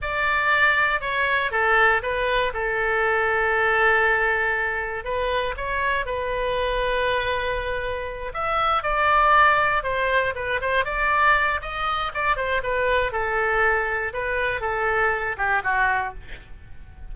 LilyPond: \new Staff \with { instrumentName = "oboe" } { \time 4/4 \tempo 4 = 119 d''2 cis''4 a'4 | b'4 a'2.~ | a'2 b'4 cis''4 | b'1~ |
b'8 e''4 d''2 c''8~ | c''8 b'8 c''8 d''4. dis''4 | d''8 c''8 b'4 a'2 | b'4 a'4. g'8 fis'4 | }